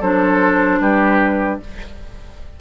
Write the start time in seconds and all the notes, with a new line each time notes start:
0.00 F#3 D4 A4 C5
0.80 G3 G4 B4